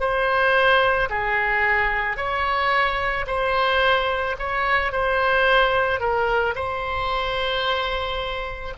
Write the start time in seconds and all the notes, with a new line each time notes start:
0.00 C5
1.10 G#4
2.17 C#5
3.27 C5
4.39 C#5
4.92 C5
6.00 A#4
6.56 C5